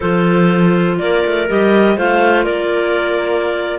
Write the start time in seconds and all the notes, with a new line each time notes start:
0.00 F3 F4 A4 C5
0.99 A#3 A#4 D5
1.25 A3
1.48 G3 G4 D#5
1.96 A3 F4 C5 F5
2.44 A#3 A#4 D5